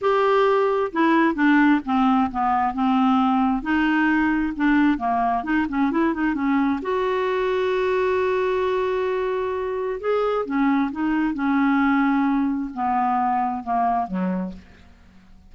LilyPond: \new Staff \with { instrumentName = "clarinet" } { \time 4/4 \tempo 4 = 132 g'2 e'4 d'4 | c'4 b4 c'2 | dis'2 d'4 ais4 | dis'8 cis'8 e'8 dis'8 cis'4 fis'4~ |
fis'1~ | fis'2 gis'4 cis'4 | dis'4 cis'2. | b2 ais4 fis4 | }